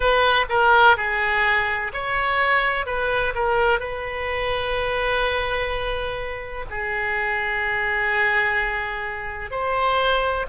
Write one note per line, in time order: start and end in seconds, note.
0.00 0.45 B4
0.48 0.96 A#4
0.96 1.91 G#4
1.93 2.86 C#5
2.86 3.33 B4
3.34 3.79 A#4
3.79 6.65 B4
6.70 9.50 G#4
9.50 10.45 C5